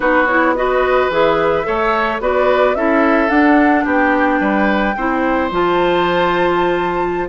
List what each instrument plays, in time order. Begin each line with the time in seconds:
0.00 bassoon B3, clarinet D#4, oboe F#4, flute B4
0.26 clarinet E4, flute C#5
0.55 clarinet F#4, oboe B4, flute D#5
1.09 bassoon E3, clarinet G#4, flute E5
1.63 bassoon A3, clarinet A4, oboe C#5
2.20 bassoon B3, clarinet F#4, oboe B4, flute D5
2.75 bassoon C#4, clarinet E4, oboe A4, flute E5
3.28 clarinet D4, bassoon D4, flute F#5
3.84 bassoon B3, oboe G4, flute G5
4.39 bassoon G3, oboe B4
4.96 bassoon C4, clarinet E4, oboe C5
5.50 bassoon F3, clarinet F4, flute A5